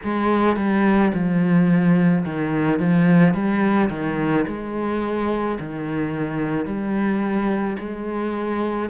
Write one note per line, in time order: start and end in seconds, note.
0.03 0.56 G#3
0.56 1.12 G3
1.13 2.24 F3
2.25 2.79 D#3
2.79 3.33 F3
3.33 3.89 G3
3.89 4.45 D#3
4.47 5.58 G#3
5.59 6.65 D#3
6.65 7.76 G3
7.79 8.89 G#3